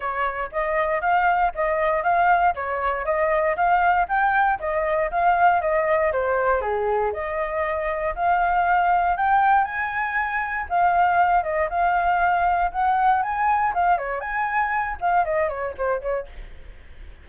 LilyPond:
\new Staff \with { instrumentName = "flute" } { \time 4/4 \tempo 4 = 118 cis''4 dis''4 f''4 dis''4 | f''4 cis''4 dis''4 f''4 | g''4 dis''4 f''4 dis''4 | c''4 gis'4 dis''2 |
f''2 g''4 gis''4~ | gis''4 f''4. dis''8 f''4~ | f''4 fis''4 gis''4 f''8 cis''8 | gis''4. f''8 dis''8 cis''8 c''8 cis''8 | }